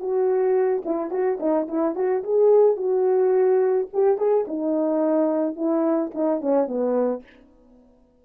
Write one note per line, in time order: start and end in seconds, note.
0.00 0.83 F#4
0.85 1.11 E4
1.11 1.39 F#4
1.40 1.68 D#4
1.68 1.96 E4
1.96 2.23 F#4
2.24 2.77 G#4
2.77 3.88 F#4
3.93 4.18 G4
4.18 4.46 G#4
4.48 5.56 D#4
5.56 6.12 E4
6.15 6.41 D#4
6.41 6.68 C#4
6.68 7.23 B3